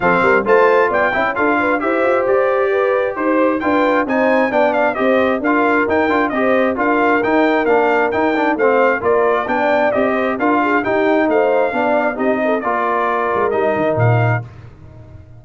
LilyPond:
<<
  \new Staff \with { instrumentName = "trumpet" } { \time 4/4 \tempo 4 = 133 f''4 a''4 g''4 f''4 | e''4 d''2 c''4 | g''4 gis''4 g''8 f''8 dis''4 | f''4 g''4 dis''4 f''4 |
g''4 f''4 g''4 f''4 | d''4 g''4 dis''4 f''4 | g''4 f''2 dis''4 | d''2 dis''4 f''4 | }
  \new Staff \with { instrumentName = "horn" } { \time 4/4 a'8 ais'8 c''4 d''8 e''8 a'8 b'8 | c''2 b'4 c''4 | b'4 c''4 d''4 c''4 | ais'2 c''4 ais'4~ |
ais'2. c''4 | ais'4 d''4. c''8 ais'8 gis'8 | g'4 c''4 d''4 g'8 a'8 | ais'1 | }
  \new Staff \with { instrumentName = "trombone" } { \time 4/4 c'4 f'4. e'8 f'4 | g'1 | f'4 dis'4 d'4 g'4 | f'4 dis'8 f'8 g'4 f'4 |
dis'4 d'4 dis'8 d'8 c'4 | f'4 d'4 g'4 f'4 | dis'2 d'4 dis'4 | f'2 dis'2 | }
  \new Staff \with { instrumentName = "tuba" } { \time 4/4 f8 g8 a4 b8 cis'8 d'4 | e'8 f'8 g'2 dis'4 | d'4 c'4 b4 c'4 | d'4 dis'8 d'8 c'4 d'4 |
dis'4 ais4 dis'4 a4 | ais4 b4 c'4 d'4 | dis'4 a4 b4 c'4 | ais4. gis8 g8 dis8 ais,4 | }
>>